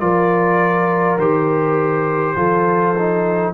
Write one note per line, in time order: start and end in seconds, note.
0.00 1.17 F3
0.00 1.18 F4
0.00 2.36 A#4
0.00 1.18 D5
1.17 2.35 D#3
1.17 2.36 G4
1.17 3.53 C5
2.35 3.53 F3
2.35 2.95 F4
2.35 3.53 A4
2.98 3.53 D#4